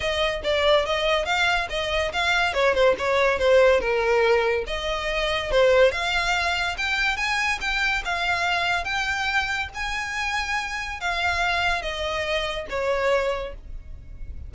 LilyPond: \new Staff \with { instrumentName = "violin" } { \time 4/4 \tempo 4 = 142 dis''4 d''4 dis''4 f''4 | dis''4 f''4 cis''8 c''8 cis''4 | c''4 ais'2 dis''4~ | dis''4 c''4 f''2 |
g''4 gis''4 g''4 f''4~ | f''4 g''2 gis''4~ | gis''2 f''2 | dis''2 cis''2 | }